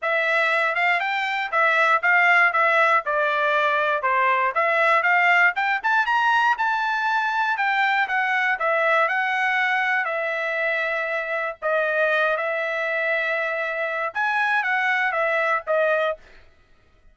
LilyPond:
\new Staff \with { instrumentName = "trumpet" } { \time 4/4 \tempo 4 = 119 e''4. f''8 g''4 e''4 | f''4 e''4 d''2 | c''4 e''4 f''4 g''8 a''8 | ais''4 a''2 g''4 |
fis''4 e''4 fis''2 | e''2. dis''4~ | dis''8 e''2.~ e''8 | gis''4 fis''4 e''4 dis''4 | }